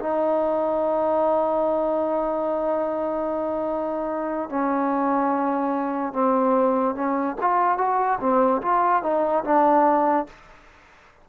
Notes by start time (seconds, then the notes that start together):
0.00 D#4
4.50 C#4
6.13 C4
6.95 C#4
7.42 F4
7.78 F#4
8.20 C4
8.62 F4
9.03 D#4
9.45 D4